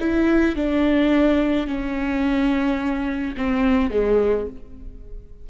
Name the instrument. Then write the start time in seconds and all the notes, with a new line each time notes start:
viola
0.00 E4
0.56 D4
1.67 C#4
3.37 C4
3.91 G#3